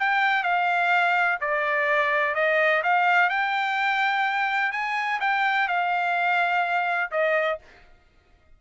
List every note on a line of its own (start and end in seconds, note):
0.00 0.44 G5
0.44 1.39 F5
1.41 2.35 D5
2.35 2.83 D#5
2.84 3.30 F5
3.30 4.72 G5
4.72 5.20 G#5
5.21 5.68 G5
5.68 7.11 F5
7.12 7.59 D#5